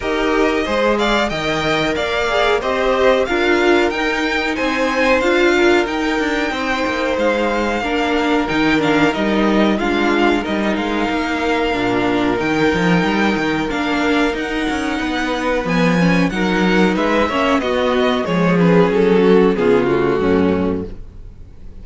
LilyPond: <<
  \new Staff \with { instrumentName = "violin" } { \time 4/4 \tempo 4 = 92 dis''4. f''8 g''4 f''4 | dis''4 f''4 g''4 gis''4 | f''4 g''2 f''4~ | f''4 g''8 f''8 dis''4 f''4 |
dis''8 f''2~ f''8 g''4~ | g''4 f''4 fis''2 | gis''4 fis''4 e''4 dis''4 | cis''8 b'8 a'4 gis'8 fis'4. | }
  \new Staff \with { instrumentName = "violin" } { \time 4/4 ais'4 c''8 d''8 dis''4 d''4 | c''4 ais'2 c''4~ | c''8 ais'4. c''2 | ais'2. f'4 |
ais'1~ | ais'2. b'4~ | b'4 ais'4 b'8 cis''8 fis'4 | gis'4. fis'8 f'4 cis'4 | }
  \new Staff \with { instrumentName = "viola" } { \time 4/4 g'4 gis'4 ais'4. gis'8 | g'4 f'4 dis'2 | f'4 dis'2. | d'4 dis'8 d'8 dis'4 d'4 |
dis'2 d'4 dis'4~ | dis'4 d'4 dis'2 | b8 cis'8 dis'4. cis'8 b4 | gis8 cis'4. b8 a4. | }
  \new Staff \with { instrumentName = "cello" } { \time 4/4 dis'4 gis4 dis4 ais4 | c'4 d'4 dis'4 c'4 | d'4 dis'8 d'8 c'8 ais8 gis4 | ais4 dis4 g4 gis4 |
g8 gis8 ais4 ais,4 dis8 f8 | g8 dis8 ais4 dis'8 cis'8 b4 | f4 fis4 gis8 ais8 b4 | f4 fis4 cis4 fis,4 | }
>>